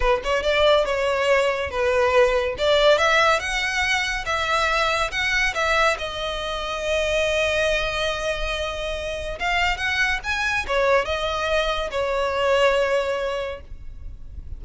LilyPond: \new Staff \with { instrumentName = "violin" } { \time 4/4 \tempo 4 = 141 b'8 cis''8 d''4 cis''2 | b'2 d''4 e''4 | fis''2 e''2 | fis''4 e''4 dis''2~ |
dis''1~ | dis''2 f''4 fis''4 | gis''4 cis''4 dis''2 | cis''1 | }